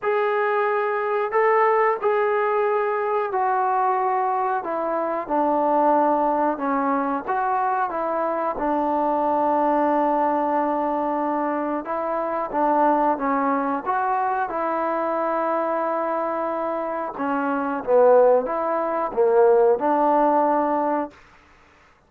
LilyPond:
\new Staff \with { instrumentName = "trombone" } { \time 4/4 \tempo 4 = 91 gis'2 a'4 gis'4~ | gis'4 fis'2 e'4 | d'2 cis'4 fis'4 | e'4 d'2.~ |
d'2 e'4 d'4 | cis'4 fis'4 e'2~ | e'2 cis'4 b4 | e'4 ais4 d'2 | }